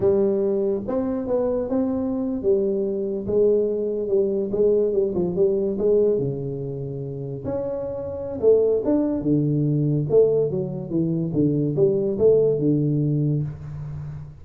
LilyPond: \new Staff \with { instrumentName = "tuba" } { \time 4/4 \tempo 4 = 143 g2 c'4 b4 | c'4.~ c'16 g2 gis16~ | gis4.~ gis16 g4 gis4 g16~ | g16 f8 g4 gis4 cis4~ cis16~ |
cis4.~ cis16 cis'2~ cis'16 | a4 d'4 d2 | a4 fis4 e4 d4 | g4 a4 d2 | }